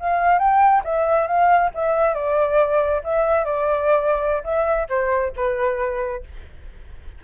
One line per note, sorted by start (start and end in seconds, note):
0.00 0.39 F5
0.39 0.82 G5
0.85 1.27 E5
1.27 1.71 F5
1.74 2.15 E5
2.15 3.02 D5
3.04 3.45 E5
3.45 4.43 D5
4.44 4.88 E5
4.89 5.33 C5
5.37 6.24 B4